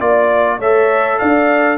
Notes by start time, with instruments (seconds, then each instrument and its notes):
0.00 tuba A#3, trombone F4, trumpet D5, horn D5
0.59 tuba A3, trombone A4, horn C#5, trumpet E5
1.19 tuba D4, horn D5, trumpet F5